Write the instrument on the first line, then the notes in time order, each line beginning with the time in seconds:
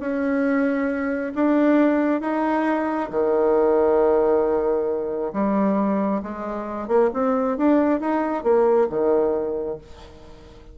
bassoon
0.00 C#4
1.35 D4
2.21 D#4
3.11 D#3
5.33 G3
6.23 G#3
6.88 A#3
7.13 C4
7.58 D4
8.00 D#4
8.43 A#3
8.90 D#3